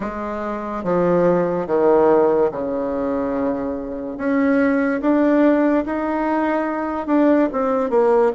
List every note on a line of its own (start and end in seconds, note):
0.00 0.83 G#3
0.83 1.67 F3
1.67 2.50 D#3
2.51 4.17 C#3
4.17 5.00 C#4
5.01 5.84 D4
5.85 7.06 D#4
7.06 7.48 D4
7.52 7.90 C4
7.90 8.31 A#3